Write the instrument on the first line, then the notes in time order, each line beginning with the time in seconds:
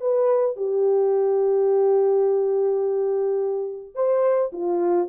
horn
0.00 B4
0.56 G4
3.95 C5
4.52 F4